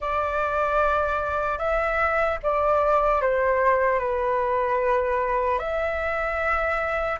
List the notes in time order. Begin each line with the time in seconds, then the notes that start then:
0.00 D5
1.58 E5
2.43 D5
3.21 C5
3.99 B4
5.58 E5